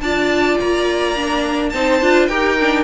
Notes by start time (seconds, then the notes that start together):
0.00 D4 F4 D5 A5
0.60 A#3 A#5
1.16 D4
1.69 C4 D#4 C5 A5
2.01 D4 F4
2.27 D#4 G4 A#4 G5
2.60 D4